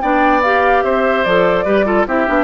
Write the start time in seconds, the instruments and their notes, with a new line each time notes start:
0.00 bassoon B3, clarinet D4, oboe D5, flute G5
0.41 clarinet G4, flute F5
0.83 bassoon C4, oboe C5, flute E5
1.24 bassoon F3, clarinet A4, flute D5
1.64 bassoon G3, clarinet G4, oboe B4
1.85 clarinet F4, oboe A4
2.07 bassoon C4, clarinet E4, oboe G4, flute E5
2.27 bassoon B3, clarinet D4